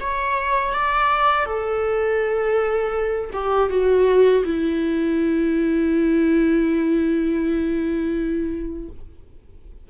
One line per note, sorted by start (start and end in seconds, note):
0.00 0.73 C#5
0.73 1.45 D5
1.45 3.30 A4
3.33 3.70 G4
3.70 4.44 F#4
4.44 8.89 E4